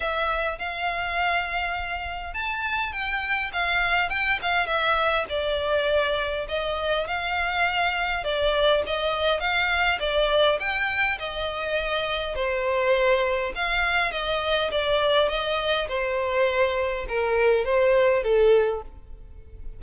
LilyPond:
\new Staff \with { instrumentName = "violin" } { \time 4/4 \tempo 4 = 102 e''4 f''2. | a''4 g''4 f''4 g''8 f''8 | e''4 d''2 dis''4 | f''2 d''4 dis''4 |
f''4 d''4 g''4 dis''4~ | dis''4 c''2 f''4 | dis''4 d''4 dis''4 c''4~ | c''4 ais'4 c''4 a'4 | }